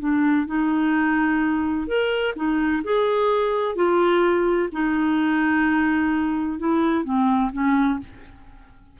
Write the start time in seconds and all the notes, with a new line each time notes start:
0.00 D4
0.47 D#4
1.88 A#4
2.36 D#4
2.84 G#4
3.76 F4
4.73 D#4
6.59 E4
7.05 C4
7.53 C#4